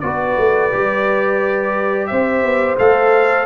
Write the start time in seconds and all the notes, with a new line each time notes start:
0.00 B3 F#4 B4 D5
0.38 A3
0.71 G3 G4
2.07 C4 C5 E5
2.43 B3
2.78 A3 A4 F5